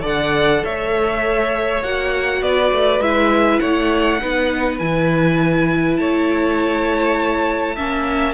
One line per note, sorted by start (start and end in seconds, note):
0.00 0.62 D3
0.00 1.78 A4
0.00 0.61 D5
0.00 0.64 F#5
0.64 1.82 A3
0.64 2.42 C#5
0.64 1.83 E5
1.82 2.42 A#3
1.82 3.02 F#4
1.82 2.42 F#5
2.42 2.71 B3
2.42 3.61 B4
2.42 3.01 D5
2.72 2.99 A3
2.99 3.59 G#3
2.99 4.21 E4
2.99 3.59 E5
3.59 4.21 A3
3.59 4.20 C#5
3.59 4.78 F#5
4.21 4.80 B3
4.21 4.80 D#4
4.21 6.00 B4
4.78 5.98 E3
4.78 7.77 E4
4.78 5.96 G#5
5.96 7.76 A3
5.96 7.75 C#5
5.96 8.33 A5
7.75 8.33 A#3
7.75 8.33 C#4
7.75 8.33 E5